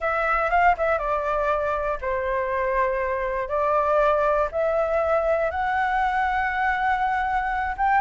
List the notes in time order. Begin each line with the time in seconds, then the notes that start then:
0.00 E5
0.50 F5
0.77 E5
0.98 D5
2.01 C5
3.48 D5
4.51 E5
5.50 F#5
7.77 G5